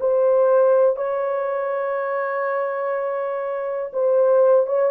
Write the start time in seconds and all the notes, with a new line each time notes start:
0.00 C5
0.96 C#5
3.93 C5
4.66 C#5